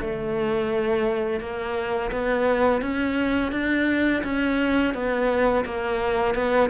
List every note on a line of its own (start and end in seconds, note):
0.00 1.40 A3
1.40 2.11 A#3
2.11 2.81 B3
2.81 3.52 C#4
3.52 4.22 D4
4.24 4.94 C#4
4.94 5.64 B3
5.65 6.34 A#3
6.34 6.70 B3